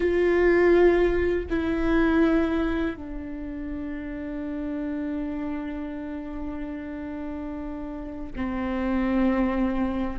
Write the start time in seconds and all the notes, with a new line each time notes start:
0.00 F4
1.49 E4
2.96 D4
8.35 C4